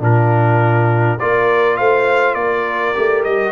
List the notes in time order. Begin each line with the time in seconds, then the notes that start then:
0.00 A#2 D4 F4 A#4
1.19 A#3 F4 A#4 D5
1.76 A3 C5 F5
2.34 A#3 A#4 D5
2.94 A3 G4
3.23 G3 D#5